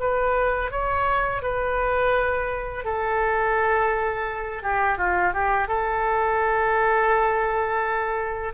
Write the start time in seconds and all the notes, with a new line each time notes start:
0.00 B4
0.71 C#5
1.42 B4
2.85 A4
4.63 G4
4.98 F4
5.34 G4
5.68 A4